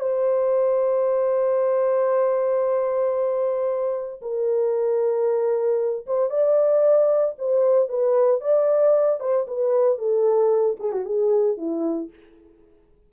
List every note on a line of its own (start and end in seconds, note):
0.00 4.21 C5
4.22 6.06 A#4
6.06 6.30 C5
6.30 7.35 D5
7.38 7.89 C5
7.89 8.41 B4
8.41 9.20 D5
9.20 9.46 C5
9.47 9.98 B4
9.98 10.77 A4
10.79 10.92 G#4
10.92 11.05 F#4
11.05 11.57 G#4
11.57 12.10 E4